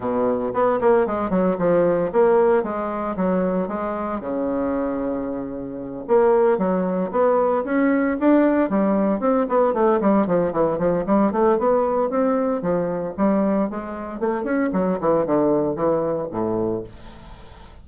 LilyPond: \new Staff \with { instrumentName = "bassoon" } { \time 4/4 \tempo 4 = 114 b,4 b8 ais8 gis8 fis8 f4 | ais4 gis4 fis4 gis4 | cis2.~ cis8 ais8~ | ais8 fis4 b4 cis'4 d'8~ |
d'8 g4 c'8 b8 a8 g8 f8 | e8 f8 g8 a8 b4 c'4 | f4 g4 gis4 a8 cis'8 | fis8 e8 d4 e4 a,4 | }